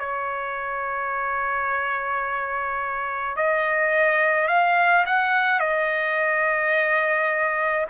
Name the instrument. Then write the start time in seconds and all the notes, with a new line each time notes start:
trumpet
0.00 C#5
3.37 D#5
4.49 F5
5.07 F#5
5.60 D#5